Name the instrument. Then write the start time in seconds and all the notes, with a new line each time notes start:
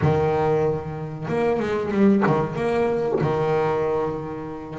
double bass
0.01 D#3
1.28 A#3
1.59 G#3
1.91 G3
2.27 D#3
2.55 A#3
3.20 D#3